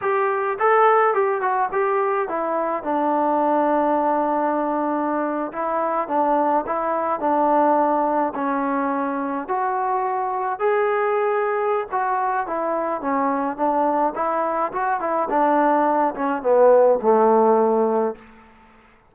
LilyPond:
\new Staff \with { instrumentName = "trombone" } { \time 4/4 \tempo 4 = 106 g'4 a'4 g'8 fis'8 g'4 | e'4 d'2.~ | d'4.~ d'16 e'4 d'4 e'16~ | e'8. d'2 cis'4~ cis'16~ |
cis'8. fis'2 gis'4~ gis'16~ | gis'4 fis'4 e'4 cis'4 | d'4 e'4 fis'8 e'8 d'4~ | d'8 cis'8 b4 a2 | }